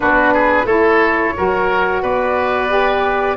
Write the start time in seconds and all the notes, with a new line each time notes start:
0.00 B3 D4 F#4 B4
0.33 G#4
0.64 A3 E4 A4 C#5
1.36 F#3 F#4 A#4
2.02 B3 B4 D5
2.68 G4